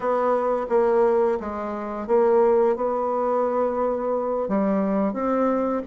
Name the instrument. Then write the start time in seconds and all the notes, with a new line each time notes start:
bassoon
0.00 B3
0.69 A#3
1.39 G#3
2.07 A#3
2.76 B3
4.48 G3
5.13 C4